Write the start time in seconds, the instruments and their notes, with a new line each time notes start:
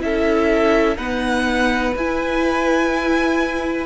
0.00 cello C#4, viola E4, violin A4 E5
0.96 viola B3, cello D#4, violin B4 F#5
1.96 cello E4, viola E4, violin G#5